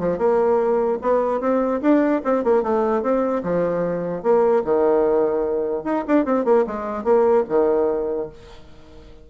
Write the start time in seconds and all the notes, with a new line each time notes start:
0.00 F3
0.19 A#3
1.02 B3
1.41 C4
1.82 D4
2.25 C4
2.45 A#3
2.63 A3
3.03 C4
3.44 F3
4.23 A#3
4.65 D#3
5.85 D#4
6.08 D4
6.26 C4
6.45 A#3
6.67 G#3
7.04 A#3
7.49 D#3